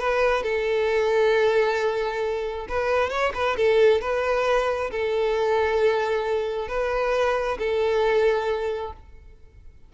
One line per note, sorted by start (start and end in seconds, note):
0.00 0.43 B4
0.43 2.67 A4
2.69 3.10 B4
3.10 3.33 C#5
3.35 3.57 B4
3.57 4.01 A4
4.01 4.91 B4
4.91 6.69 A4
6.69 7.58 B4
7.59 8.93 A4